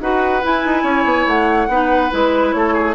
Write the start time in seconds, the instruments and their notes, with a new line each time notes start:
0.00 bassoon D#4, clarinet F#4, oboe B4, flute F#5
0.42 clarinet E4, bassoon E4, flute G#5
0.65 bassoon D#4
0.83 bassoon C#4, oboe C#5
1.04 bassoon B3
1.26 bassoon A3, flute F#5
1.68 bassoon B3, clarinet D#4, oboe B4
2.10 bassoon G#3, clarinet E4, flute B4
2.52 bassoon A3, oboe A4, flute C#5
2.73 oboe G#4